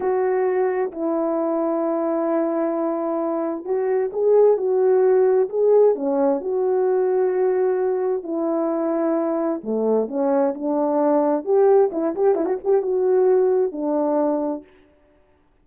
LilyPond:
\new Staff \with { instrumentName = "horn" } { \time 4/4 \tempo 4 = 131 fis'2 e'2~ | e'1 | fis'4 gis'4 fis'2 | gis'4 cis'4 fis'2~ |
fis'2 e'2~ | e'4 a4 cis'4 d'4~ | d'4 g'4 e'8 g'8 e'16 fis'16 g'8 | fis'2 d'2 | }